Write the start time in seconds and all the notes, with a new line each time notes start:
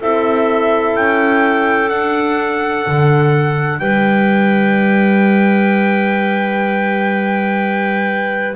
0.00 C4 E4 A4 E5
0.96 C#4 G5
1.90 D4 F#5
2.87 D3
3.80 G3 B4 G5